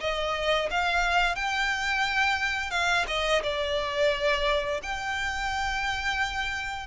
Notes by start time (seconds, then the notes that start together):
0.00 D#5
0.70 F5
1.35 G5
2.71 F5
3.07 D#5
3.43 D5
4.82 G5